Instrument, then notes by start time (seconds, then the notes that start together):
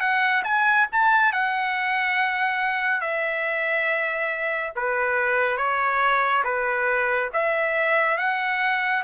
trumpet
0.00 F#5
0.44 G#5
0.92 A5
1.32 F#5
3.01 E5
4.75 B4
5.57 C#5
6.44 B4
7.33 E5
8.17 F#5